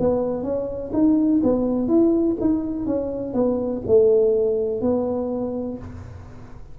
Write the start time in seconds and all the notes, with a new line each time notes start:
0.00 B3
0.44 C#4
0.94 D#4
1.43 B3
1.88 E4
2.41 D#4
2.86 C#4
3.34 B3
3.87 A3
4.82 B3